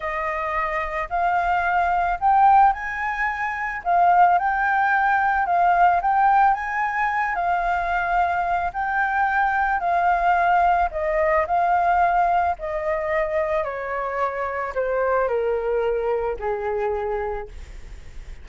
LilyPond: \new Staff \with { instrumentName = "flute" } { \time 4/4 \tempo 4 = 110 dis''2 f''2 | g''4 gis''2 f''4 | g''2 f''4 g''4 | gis''4. f''2~ f''8 |
g''2 f''2 | dis''4 f''2 dis''4~ | dis''4 cis''2 c''4 | ais'2 gis'2 | }